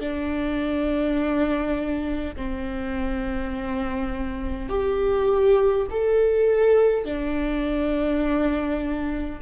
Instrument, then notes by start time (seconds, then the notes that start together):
viola
0.00 D4
2.36 C4
4.70 G4
5.90 A4
7.05 D4